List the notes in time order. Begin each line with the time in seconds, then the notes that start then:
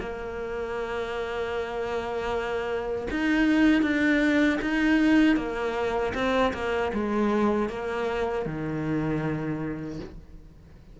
0.00 A#3
3.11 D#4
3.82 D4
4.62 D#4
5.36 A#3
6.15 C4
6.54 A#3
6.93 G#3
7.69 A#3
8.46 D#3